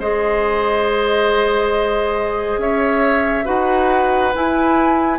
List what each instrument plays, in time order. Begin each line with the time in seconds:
0.00 bassoon G#3, clarinet G#4, oboe C5, flute D#5
2.58 bassoon C#4, oboe C#5, flute E5
3.45 bassoon D#4, clarinet F#4, oboe B4, flute F#5
4.35 clarinet E4, bassoon E4, flute G#5